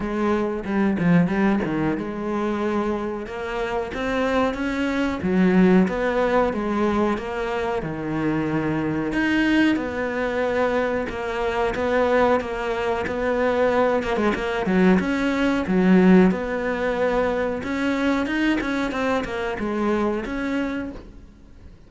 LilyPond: \new Staff \with { instrumentName = "cello" } { \time 4/4 \tempo 4 = 92 gis4 g8 f8 g8 dis8 gis4~ | gis4 ais4 c'4 cis'4 | fis4 b4 gis4 ais4 | dis2 dis'4 b4~ |
b4 ais4 b4 ais4 | b4. ais16 gis16 ais8 fis8 cis'4 | fis4 b2 cis'4 | dis'8 cis'8 c'8 ais8 gis4 cis'4 | }